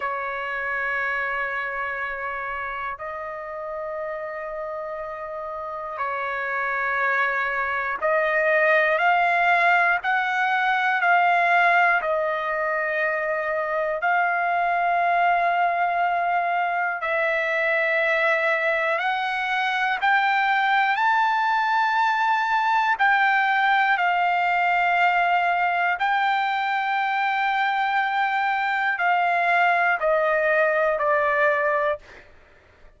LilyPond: \new Staff \with { instrumentName = "trumpet" } { \time 4/4 \tempo 4 = 60 cis''2. dis''4~ | dis''2 cis''2 | dis''4 f''4 fis''4 f''4 | dis''2 f''2~ |
f''4 e''2 fis''4 | g''4 a''2 g''4 | f''2 g''2~ | g''4 f''4 dis''4 d''4 | }